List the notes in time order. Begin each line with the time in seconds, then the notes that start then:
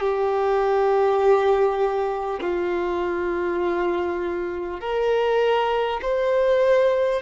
0.00 G4
2.41 F4
4.80 A#4
6.02 C5